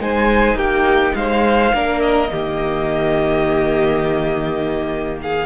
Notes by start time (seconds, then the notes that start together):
0.00 G#3 D#4 C5 G#5
0.55 A#3 G4 G5
1.15 G#3 C5 F5
1.74 A#3 D4 A#4
2.00 D#5
2.29 D#3 A#3 G4
5.22 G#4 F5